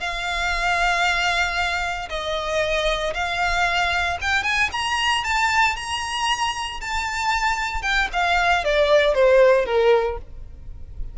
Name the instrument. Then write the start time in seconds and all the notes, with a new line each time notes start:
violin
0.00 F5
2.09 D#5
3.14 F5
4.21 G5
4.43 G#5
4.72 A#5
5.24 A5
5.76 A#5
6.81 A5
7.82 G5
8.13 F5
8.64 D5
9.14 C5
9.65 A#4